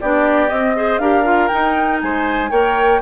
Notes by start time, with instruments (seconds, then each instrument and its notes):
0.00 bassoon B3, clarinet D4, oboe G4, flute D5
0.48 clarinet C4, bassoon C4, flute D#5
0.75 clarinet G#4, oboe C5
0.98 bassoon D4, clarinet G4, oboe A#4, flute F5
1.24 clarinet F4
1.47 clarinet D#4, bassoon D#4, flute G5
2.01 bassoon G#3, oboe C5, flute G#5
2.50 bassoon A#3, clarinet A#4, oboe C#5, flute G5